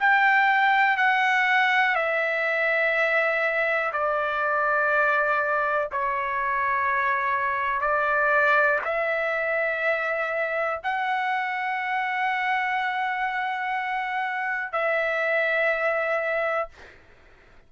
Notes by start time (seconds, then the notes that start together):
0.00 G5
0.97 F#5
1.96 E5
3.93 D5
5.92 C#5
7.82 D5
8.85 E5
10.84 F#5
14.73 E5